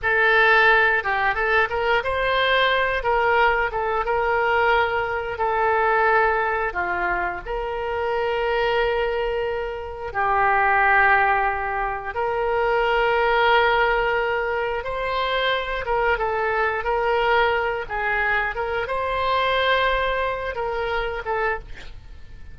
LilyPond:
\new Staff \with { instrumentName = "oboe" } { \time 4/4 \tempo 4 = 89 a'4. g'8 a'8 ais'8 c''4~ | c''8 ais'4 a'8 ais'2 | a'2 f'4 ais'4~ | ais'2. g'4~ |
g'2 ais'2~ | ais'2 c''4. ais'8 | a'4 ais'4. gis'4 ais'8 | c''2~ c''8 ais'4 a'8 | }